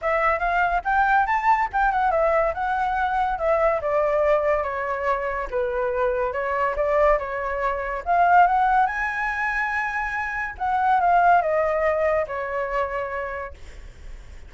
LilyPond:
\new Staff \with { instrumentName = "flute" } { \time 4/4 \tempo 4 = 142 e''4 f''4 g''4 a''4 | g''8 fis''8 e''4 fis''2 | e''4 d''2 cis''4~ | cis''4 b'2 cis''4 |
d''4 cis''2 f''4 | fis''4 gis''2.~ | gis''4 fis''4 f''4 dis''4~ | dis''4 cis''2. | }